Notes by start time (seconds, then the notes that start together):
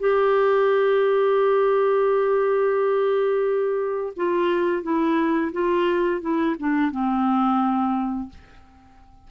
0.00 G4
4.17 F4
4.83 E4
5.53 F4
6.22 E4
6.60 D4
6.92 C4